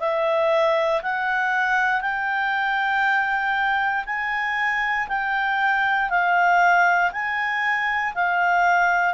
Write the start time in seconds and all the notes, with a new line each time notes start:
0.00 E5
1.02 F#5
2.01 G5
4.06 G#5
5.08 G5
6.10 F5
7.12 G#5
8.14 F5